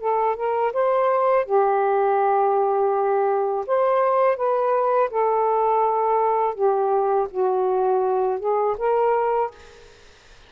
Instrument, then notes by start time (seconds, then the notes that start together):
saxophone
0.00 A4
0.36 A#4
0.73 C5
1.45 G4
3.67 C5
4.36 B4
5.10 A4
6.54 G4
7.30 F#4
8.39 G#4
8.78 A#4